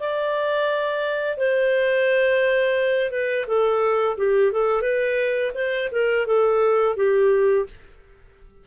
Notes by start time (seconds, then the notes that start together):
0.00 D5
1.38 C5
3.11 B4
3.47 A4
4.18 G4
4.52 A4
4.82 B4
5.55 C5
5.92 A#4
6.27 A4
6.96 G4